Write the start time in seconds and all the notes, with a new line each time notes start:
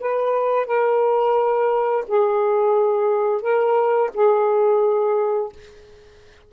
0.00 B4
0.66 A#4
2.08 G#4
3.42 A#4
4.15 G#4